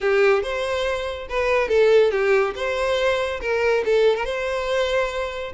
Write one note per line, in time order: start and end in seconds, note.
0.00 0.42 G4
0.42 1.27 C5
1.29 1.68 B4
1.68 2.11 A4
2.11 2.53 G4
2.55 3.40 C5
3.41 3.83 A#4
3.85 4.16 A4
4.16 4.25 A#4
4.25 5.52 C5